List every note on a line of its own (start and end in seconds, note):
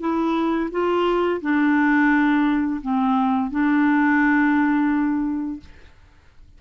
0.00 0.70 E4
0.71 1.41 F4
1.41 2.81 D4
2.82 3.51 C4
3.51 5.60 D4